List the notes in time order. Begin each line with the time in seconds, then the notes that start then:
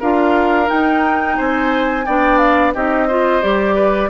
0.00 D4 F4 A#4 F5
0.67 D#4 G5
1.37 C4 C5 G#5
2.06 B3 D4 D5 G5
2.38 F5
2.75 C4 D#4 G4 D#5
3.08 F4 C5
3.42 G3 G4 D5
3.76 B4